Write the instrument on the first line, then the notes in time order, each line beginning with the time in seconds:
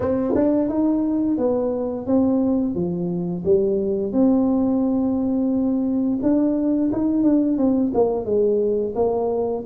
tuba
0.00 C4
0.34 D4
0.68 D#4
1.37 B3
2.06 C4
2.74 F3
3.45 G3
4.12 C4
6.22 D4
6.92 D#4
7.23 D4
7.57 C4
7.94 A#3
8.25 G#3
8.95 A#3